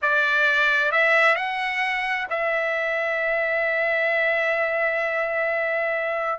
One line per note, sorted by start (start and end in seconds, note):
0.02 0.91 D5
0.91 1.35 E5
1.35 2.27 F#5
2.30 6.39 E5